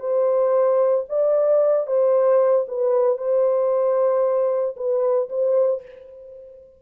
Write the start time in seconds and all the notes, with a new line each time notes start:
0.00 C5
1.09 D5
1.87 C5
2.69 B4
3.18 C5
4.77 B4
5.30 C5